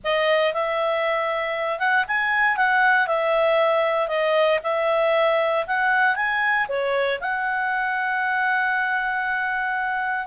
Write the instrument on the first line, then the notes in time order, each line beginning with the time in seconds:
clarinet
0.03 D#5
0.53 E5
1.79 F#5
2.07 G#5
2.56 F#5
3.07 E5
4.08 D#5
4.63 E5
5.66 F#5
6.15 G#5
6.68 C#5
7.20 F#5